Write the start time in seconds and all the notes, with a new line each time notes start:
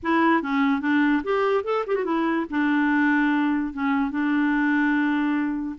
0.02 E4
0.42 C#4
0.81 D4
1.23 G4
1.64 A4
1.86 G4
1.95 F#4
2.04 E4
2.49 D4
3.73 C#4
4.10 D4